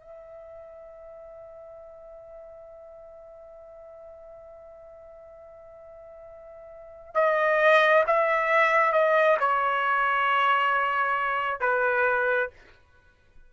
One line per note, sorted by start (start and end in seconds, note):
0.00 7.14 E5
7.14 8.04 D#5
8.06 8.92 E5
8.92 9.37 D#5
9.39 11.60 C#5
11.60 12.49 B4